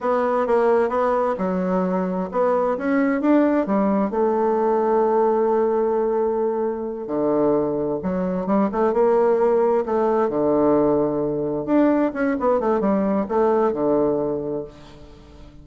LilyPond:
\new Staff \with { instrumentName = "bassoon" } { \time 4/4 \tempo 4 = 131 b4 ais4 b4 fis4~ | fis4 b4 cis'4 d'4 | g4 a2.~ | a2.~ a8 d8~ |
d4. fis4 g8 a8 ais8~ | ais4. a4 d4.~ | d4. d'4 cis'8 b8 a8 | g4 a4 d2 | }